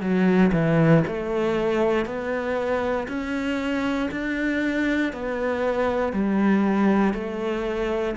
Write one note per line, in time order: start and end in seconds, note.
0.00 0.51 F#3
0.52 1.03 E3
1.07 2.06 A3
2.06 3.07 B3
3.08 4.10 C#4
4.11 5.13 D4
5.13 6.13 B3
6.13 7.13 G3
7.13 8.15 A3